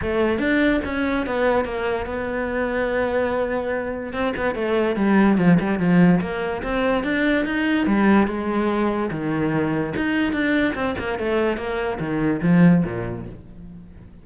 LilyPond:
\new Staff \with { instrumentName = "cello" } { \time 4/4 \tempo 4 = 145 a4 d'4 cis'4 b4 | ais4 b2.~ | b2 c'8 b8 a4 | g4 f8 g8 f4 ais4 |
c'4 d'4 dis'4 g4 | gis2 dis2 | dis'4 d'4 c'8 ais8 a4 | ais4 dis4 f4 ais,4 | }